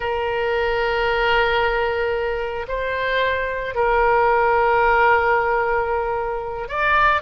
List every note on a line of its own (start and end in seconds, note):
0.00 2.66 A#4
2.68 3.74 C5
3.74 6.68 A#4
6.68 7.21 D5